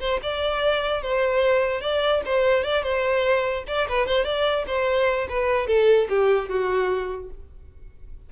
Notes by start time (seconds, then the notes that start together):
0.00 C5
0.23 D5
1.02 C5
1.81 D5
2.26 C5
2.64 D5
2.83 C5
3.68 D5
3.89 B4
4.07 C5
4.25 D5
4.67 C5
5.29 B4
5.67 A4
6.09 G4
6.49 F#4